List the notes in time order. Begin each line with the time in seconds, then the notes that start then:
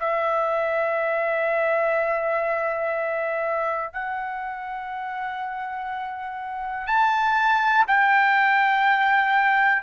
0.00 E5
3.93 F#5
6.87 A5
7.87 G5